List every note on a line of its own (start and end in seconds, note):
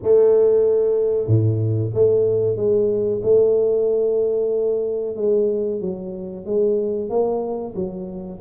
0.03 1.27 A3
1.27 1.91 A2
1.94 2.56 A3
2.56 3.21 G#3
3.23 5.16 A3
5.16 5.80 G#3
5.81 6.45 F#3
6.45 7.09 G#3
7.09 7.74 A#3
7.75 8.39 F#3